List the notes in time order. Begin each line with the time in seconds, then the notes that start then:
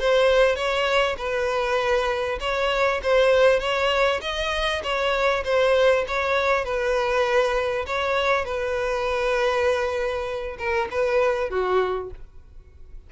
0.00 C5
0.56 C#5
1.18 B4
2.40 C#5
3.03 C5
3.60 C#5
4.22 D#5
4.83 C#5
5.45 C5
6.08 C#5
6.65 B4
7.87 C#5
8.45 B4
10.59 A#4
10.91 B4
11.50 F#4